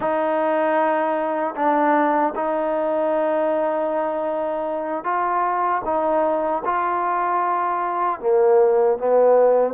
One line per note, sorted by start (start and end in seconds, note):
0.00 1.54 D#4
1.55 2.33 D4
2.35 5.04 D#4
5.04 5.82 F4
5.84 6.62 D#4
6.64 8.20 F4
8.20 8.98 A#3
8.98 9.74 B3